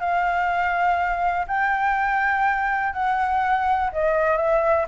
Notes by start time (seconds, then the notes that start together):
0.00 F5
1.47 G5
2.93 F#5
3.92 D#5
4.37 E5